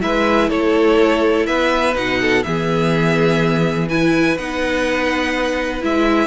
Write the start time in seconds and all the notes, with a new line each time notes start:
0.00 G#3 E4 B4 E5
0.50 A3 A4 C#5
1.46 B3 B4 E5
1.94 B2 D#4 F#5
2.21 A4
2.43 E3 B3 G#4 E5
3.88 E4 B4 G#5
4.37 B3 D#4 F#5
5.81 G#3 E4 E5